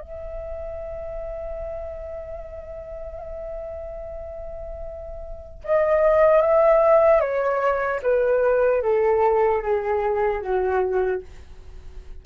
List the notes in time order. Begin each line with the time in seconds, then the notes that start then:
0.00 E5
5.64 D#5
6.41 E5
7.20 C#5
8.02 B4
8.82 A4
9.62 G#4
10.41 F#4